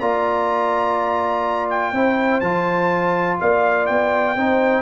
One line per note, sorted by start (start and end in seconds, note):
0.00 1.93 A#3
0.00 1.95 F4
0.00 1.92 D5
0.00 1.69 A#5
1.70 2.40 G5
1.92 2.41 C4
1.92 2.43 E4
1.92 3.37 C5
2.40 3.39 F3
2.40 4.37 F4
2.40 3.37 A5
3.41 3.90 A#3
3.41 4.38 D5
3.41 3.87 F5
3.87 4.36 B3
3.87 4.82 G5
4.36 4.82 C4
4.36 4.82 D#4
4.36 4.82 C5